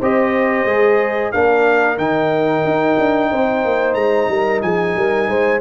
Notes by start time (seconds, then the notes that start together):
0.00 C4 G4 C5 D#5
0.65 G#3 G#4
1.32 A#3 D4 A#4 F5
1.98 D#3 D#4 G5
2.65 D#4
2.99 D4
3.32 C4 C5
3.65 A#3
3.95 G#3 A#5
4.29 G3 A#4
4.62 F3 G#4 G#5
4.96 G3 A#4
5.28 G#3 C5